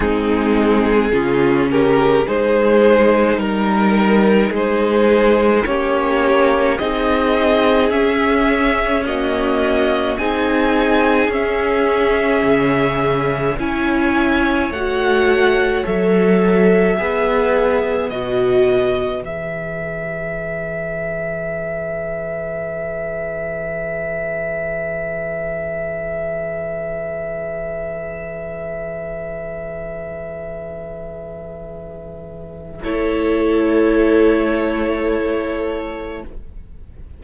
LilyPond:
<<
  \new Staff \with { instrumentName = "violin" } { \time 4/4 \tempo 4 = 53 gis'4. ais'8 c''4 ais'4 | c''4 cis''4 dis''4 e''4 | dis''4 gis''4 e''2 | gis''4 fis''4 e''2 |
dis''4 e''2.~ | e''1~ | e''1~ | e''4 cis''2. | }
  \new Staff \with { instrumentName = "violin" } { \time 4/4 dis'4 f'8 g'8 gis'4 ais'4 | gis'4 g'4 gis'2 | fis'4 gis'2. | cis''2. b'4~ |
b'1~ | b'1~ | b'1~ | b'4 a'2. | }
  \new Staff \with { instrumentName = "viola" } { \time 4/4 c'4 cis'4 dis'2~ | dis'4 cis'4 dis'4 cis'4 | ais4 dis'4 cis'2 | e'4 fis'4 a'4 gis'4 |
fis'4 gis'2.~ | gis'1~ | gis'1~ | gis'4 e'2. | }
  \new Staff \with { instrumentName = "cello" } { \time 4/4 gis4 cis4 gis4 g4 | gis4 ais4 c'4 cis'4~ | cis'4 c'4 cis'4 cis4 | cis'4 a4 fis4 b4 |
b,4 e2.~ | e1~ | e1~ | e4 a2. | }
>>